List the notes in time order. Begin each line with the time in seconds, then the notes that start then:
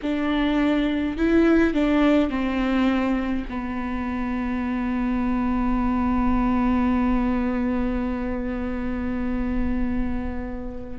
0.02 D4
1.17 E4
1.73 D4
2.29 C4
3.49 B3